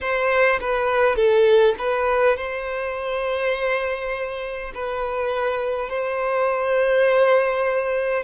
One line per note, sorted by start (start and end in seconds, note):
0.01 0.59 C5
0.60 1.16 B4
1.16 1.74 A4
1.78 2.36 B4
2.36 4.72 C5
4.74 5.89 B4
5.89 8.24 C5